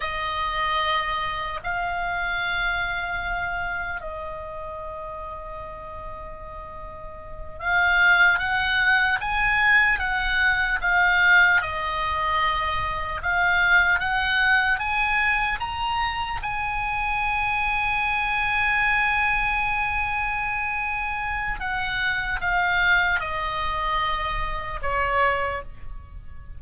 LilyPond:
\new Staff \with { instrumentName = "oboe" } { \time 4/4 \tempo 4 = 75 dis''2 f''2~ | f''4 dis''2.~ | dis''4. f''4 fis''4 gis''8~ | gis''8 fis''4 f''4 dis''4.~ |
dis''8 f''4 fis''4 gis''4 ais''8~ | ais''8 gis''2.~ gis''8~ | gis''2. fis''4 | f''4 dis''2 cis''4 | }